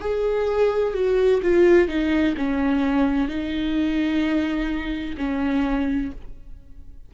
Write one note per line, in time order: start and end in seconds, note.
0.00 0.93 G#4
0.93 1.40 F#4
1.42 1.88 F4
1.88 2.35 D#4
2.37 3.28 C#4
3.28 5.16 D#4
5.17 6.11 C#4